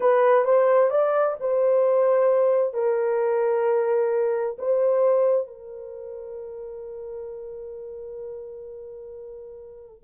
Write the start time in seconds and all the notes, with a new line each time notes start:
0.00 B4
0.45 C5
0.90 D5
1.39 C5
2.73 A#4
4.58 C5
5.47 A#4